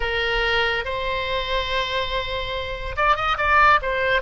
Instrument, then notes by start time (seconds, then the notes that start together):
oboe
0.00 A#4
0.85 C5
2.96 D5
3.16 D#5
3.37 D5
3.82 C5